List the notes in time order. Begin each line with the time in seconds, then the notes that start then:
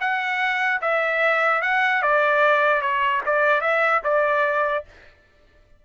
0.00 F#5
0.81 E5
1.62 F#5
2.02 D5
2.81 C#5
3.26 D5
3.61 E5
4.04 D5